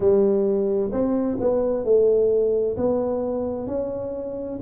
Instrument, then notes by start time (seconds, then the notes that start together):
tuba
0.00 G3
0.91 C4
1.40 B3
1.84 A3
2.77 B3
3.67 C#4